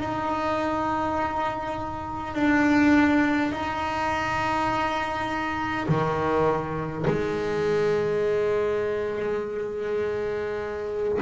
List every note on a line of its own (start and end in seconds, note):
0.00 2.35 D#4
2.35 3.52 D4
3.52 5.88 D#4
5.89 7.06 D#3
7.07 11.19 G#3